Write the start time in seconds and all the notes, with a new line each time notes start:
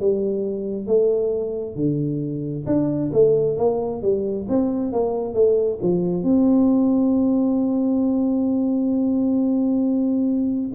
0.00 G3
0.87 A3
1.75 D3
2.66 D4
3.13 A3
3.57 A#3
4.02 G3
4.49 C4
4.93 A#3
5.34 A3
5.82 F3
6.23 C4